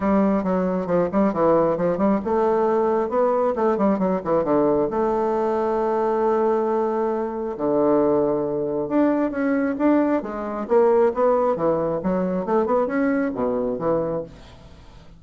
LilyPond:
\new Staff \with { instrumentName = "bassoon" } { \time 4/4 \tempo 4 = 135 g4 fis4 f8 g8 e4 | f8 g8 a2 b4 | a8 g8 fis8 e8 d4 a4~ | a1~ |
a4 d2. | d'4 cis'4 d'4 gis4 | ais4 b4 e4 fis4 | a8 b8 cis'4 b,4 e4 | }